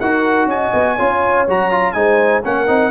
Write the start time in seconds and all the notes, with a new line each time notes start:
0.00 D#4 F#4 A#4 F#5
0.46 C#4 D#5 G#5
0.73 B3
0.96 C#4 F4 C#5
1.48 F#3 F#4 A#5
1.71 F4
1.92 G#3 D#4 C5 G#5
2.45 A#3 C#4 A#4 F#5
2.67 C4 D#4